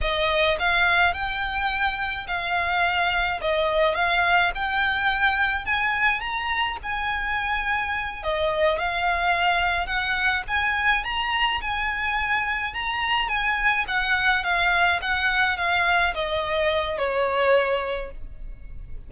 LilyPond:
\new Staff \with { instrumentName = "violin" } { \time 4/4 \tempo 4 = 106 dis''4 f''4 g''2 | f''2 dis''4 f''4 | g''2 gis''4 ais''4 | gis''2~ gis''8 dis''4 f''8~ |
f''4. fis''4 gis''4 ais''8~ | ais''8 gis''2 ais''4 gis''8~ | gis''8 fis''4 f''4 fis''4 f''8~ | f''8 dis''4. cis''2 | }